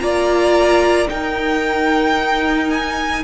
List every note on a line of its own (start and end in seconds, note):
0.00 1.08 A#3
0.00 1.07 F4
0.00 1.10 D5
0.00 1.07 A#5
1.07 3.21 D#4
1.07 3.24 D#4
1.07 3.24 A#4
1.07 2.71 G5
2.71 3.24 G#5